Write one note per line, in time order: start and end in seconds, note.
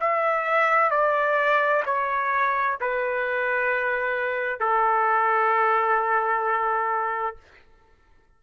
0.00 0.90 E5
0.90 1.83 D5
1.85 2.77 C#5
2.80 4.59 B4
4.59 7.36 A4